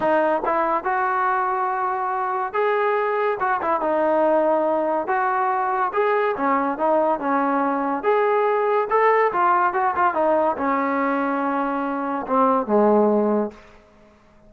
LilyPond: \new Staff \with { instrumentName = "trombone" } { \time 4/4 \tempo 4 = 142 dis'4 e'4 fis'2~ | fis'2 gis'2 | fis'8 e'8 dis'2. | fis'2 gis'4 cis'4 |
dis'4 cis'2 gis'4~ | gis'4 a'4 f'4 fis'8 f'8 | dis'4 cis'2.~ | cis'4 c'4 gis2 | }